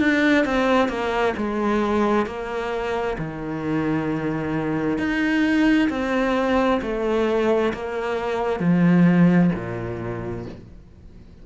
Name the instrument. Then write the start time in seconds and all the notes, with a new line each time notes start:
cello
0.00 D4
0.45 C4
0.88 A#3
1.37 G#3
2.26 A#3
3.19 D#3
4.98 D#4
5.90 C4
6.82 A3
7.74 A#3
8.60 F3
9.55 A#2